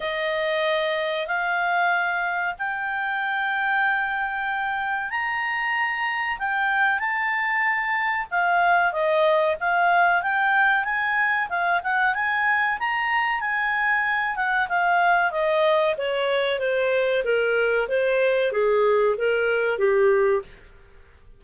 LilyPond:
\new Staff \with { instrumentName = "clarinet" } { \time 4/4 \tempo 4 = 94 dis''2 f''2 | g''1 | ais''2 g''4 a''4~ | a''4 f''4 dis''4 f''4 |
g''4 gis''4 f''8 fis''8 gis''4 | ais''4 gis''4. fis''8 f''4 | dis''4 cis''4 c''4 ais'4 | c''4 gis'4 ais'4 g'4 | }